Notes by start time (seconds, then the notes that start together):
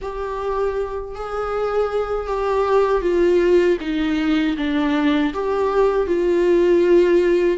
0.01 G4
1.15 G#4
2.27 G4
3.01 F4
3.80 D#4
4.57 D4
5.33 G4
6.06 F4